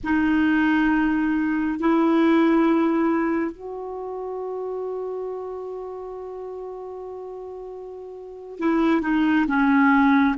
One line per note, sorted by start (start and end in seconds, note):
0.03 1.79 D#4
1.79 3.51 E4
3.51 8.59 F#4
8.59 9.01 E4
9.01 9.45 D#4
9.47 10.35 C#4